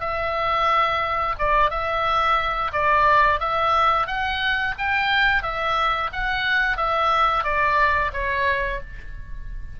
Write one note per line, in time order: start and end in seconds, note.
0.00 1.35 E5
1.39 1.70 D5
1.70 2.71 E5
2.72 3.40 D5
3.40 4.07 E5
4.07 4.74 F#5
4.78 5.43 G5
5.43 6.10 E5
6.12 6.77 F#5
6.77 7.44 E5
7.44 8.11 D5
8.13 8.80 C#5